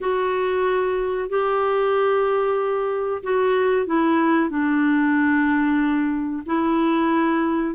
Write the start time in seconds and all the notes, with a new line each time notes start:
0.00 F#4
1.29 G4
3.23 F#4
3.86 E4
4.49 D4
6.46 E4